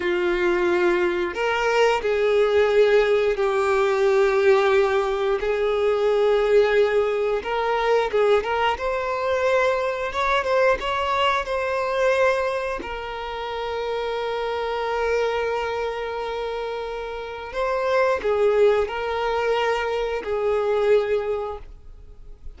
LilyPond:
\new Staff \with { instrumentName = "violin" } { \time 4/4 \tempo 4 = 89 f'2 ais'4 gis'4~ | gis'4 g'2. | gis'2. ais'4 | gis'8 ais'8 c''2 cis''8 c''8 |
cis''4 c''2 ais'4~ | ais'1~ | ais'2 c''4 gis'4 | ais'2 gis'2 | }